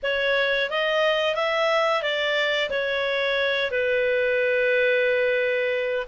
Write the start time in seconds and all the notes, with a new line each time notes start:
0.02 C#5
0.70 D#5
1.35 E5
2.02 D5
2.70 C#5
3.70 B4